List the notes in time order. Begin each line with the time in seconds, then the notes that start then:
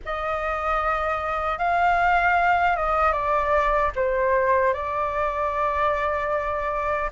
0.05 D#5
1.58 F5
2.76 D#5
3.12 D5
3.95 C5
4.73 D5